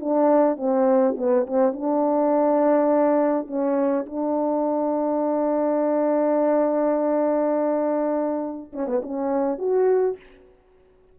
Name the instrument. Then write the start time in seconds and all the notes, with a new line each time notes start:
horn
0.00 D4
0.57 C4
1.17 B3
1.46 C4
1.73 D4
3.47 C#4
4.06 D4
8.73 C#4
8.87 B3
9.02 C#4
9.58 F#4